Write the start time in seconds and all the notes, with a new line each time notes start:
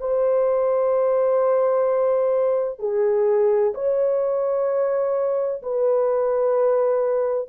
0.00 C5
2.79 G#4
3.74 C#5
5.62 B4